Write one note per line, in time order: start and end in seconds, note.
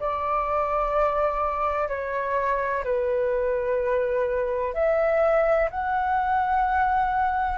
0.00 1.89 D5
1.89 2.84 C#5
2.84 4.74 B4
4.74 5.70 E5
5.71 7.58 F#5